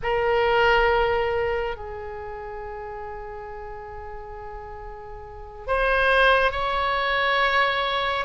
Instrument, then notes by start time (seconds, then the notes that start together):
oboe
0.02 A#4
1.76 G#4
5.67 C5
6.51 C#5